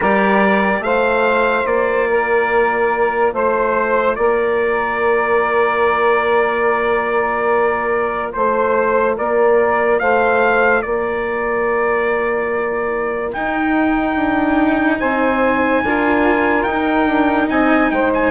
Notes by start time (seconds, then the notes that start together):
0.00 G3 G4 A#4 D5
0.80 A3 F4 C5 F5
1.65 A#3 D5
2.09 A#4
3.33 A3 C5
4.15 A#3 A#4 D5
8.32 A3 C5
9.15 A#3 A#4 D5
9.99 A3 C5 F5
10.81 A#3 A#4 D5
13.32 D#4 G5
14.14 D4
14.99 C4 C5 G#5
15.83 D4 F4 A#4
16.63 D#4 G5
16.70 D#4
17.06 D4
17.49 C4 D#5 G#5
17.90 G#3 C5 G5
18.14 G#5